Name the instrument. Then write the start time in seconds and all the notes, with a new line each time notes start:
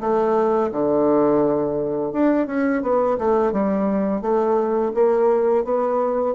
bassoon
0.00 A3
0.72 D3
2.12 D4
2.46 C#4
2.82 B3
3.18 A3
3.52 G3
4.21 A3
4.94 A#3
5.64 B3